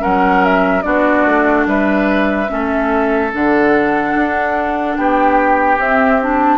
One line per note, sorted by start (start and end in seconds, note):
0.00 0.85 F#3
0.00 0.82 C#4
0.00 0.83 A#4
0.00 0.45 F#5
0.45 0.82 E5
0.82 1.25 B3
0.82 2.47 D4
0.82 1.67 F#4
0.82 1.64 D5
1.25 1.66 A3
1.66 2.48 G3
1.66 2.51 B4
1.66 3.32 E5
2.48 3.33 A3
2.48 3.30 C#4
2.48 4.97 A4
3.33 4.15 D3
3.33 5.78 D4
3.33 4.97 F#5
4.15 4.97 D4
4.97 5.78 B3
4.97 6.58 G4
4.97 5.79 G5
5.78 6.58 C4
5.78 6.19 C4
5.78 6.21 E5
6.22 6.58 D4
6.22 6.58 A5